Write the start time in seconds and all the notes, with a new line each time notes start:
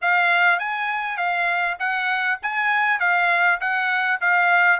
0.01 F5
0.59 G#5
1.17 F5
1.79 F#5
2.42 G#5
2.99 F5
3.60 F#5
4.20 F5